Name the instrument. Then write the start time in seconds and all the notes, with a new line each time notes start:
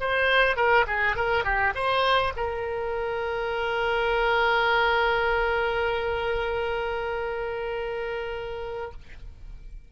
oboe
0.00 C5
0.56 A#4
0.87 G#4
1.16 A#4
1.44 G4
1.75 C5
2.36 A#4